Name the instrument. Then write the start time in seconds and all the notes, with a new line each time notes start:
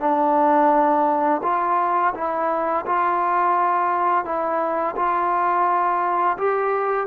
trombone
0.00 D4
1.43 F4
2.15 E4
2.87 F4
4.25 E4
4.96 F4
6.38 G4